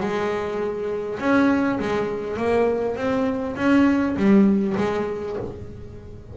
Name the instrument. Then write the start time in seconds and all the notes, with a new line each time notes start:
double bass
0.00 G#3
1.19 C#4
1.79 G#3
2.37 A#3
2.96 C4
3.56 C#4
4.16 G3
4.77 G#3